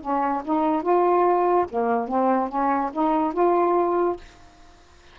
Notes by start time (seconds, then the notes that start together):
0.00 C#4
0.44 D#4
0.82 F4
1.69 A#3
2.08 C4
2.48 C#4
2.92 D#4
3.33 F4